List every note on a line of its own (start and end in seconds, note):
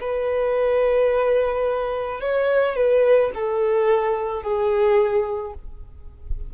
0.00 2.20 B4
2.20 2.75 C#5
2.75 3.31 B4
3.34 4.42 A4
4.42 5.54 G#4